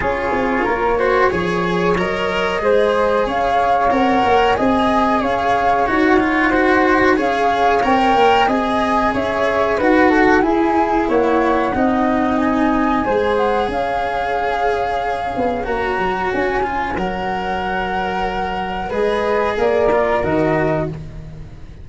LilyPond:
<<
  \new Staff \with { instrumentName = "flute" } { \time 4/4 \tempo 4 = 92 cis''2. dis''4~ | dis''4 f''4 fis''4 gis''4 | f''4 fis''2 f''4 | g''4 gis''4 e''4 fis''4 |
gis''4 fis''2 gis''4~ | gis''8 fis''8 f''2. | ais''4 gis''4 fis''2~ | fis''4 dis''4 d''4 dis''4 | }
  \new Staff \with { instrumentName = "flute" } { \time 4/4 gis'4 ais'8 c''8 cis''2 | c''4 cis''2 dis''4 | cis''2 c''4 cis''4~ | cis''4 dis''4 cis''4 b'8 a'8 |
gis'4 cis''4 dis''2 | c''4 cis''2.~ | cis''1~ | cis''4 b'4 ais'2 | }
  \new Staff \with { instrumentName = "cello" } { \time 4/4 f'4. fis'8 gis'4 ais'4 | gis'2 ais'4 gis'4~ | gis'4 fis'8 f'8 fis'4 gis'4 | ais'4 gis'2 fis'4 |
e'2 dis'2 | gis'1 | fis'4. f'8 ais'2~ | ais'4 gis'4. f'8 fis'4 | }
  \new Staff \with { instrumentName = "tuba" } { \time 4/4 cis'8 c'8 ais4 f4 fis4 | gis4 cis'4 c'8 ais8 c'4 | cis'4 dis'2 cis'4 | c'8 ais8 c'4 cis'4 dis'4 |
e'4 ais4 c'2 | gis4 cis'2~ cis'8 b8 | ais8 fis8 cis'4 fis2~ | fis4 gis4 ais4 dis4 | }
>>